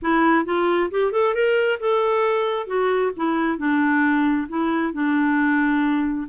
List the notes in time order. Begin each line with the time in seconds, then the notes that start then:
0.01 E4
0.45 F4
0.91 G4
1.12 A4
1.34 A#4
1.80 A4
2.66 F#4
3.16 E4
3.58 D4
4.48 E4
4.93 D4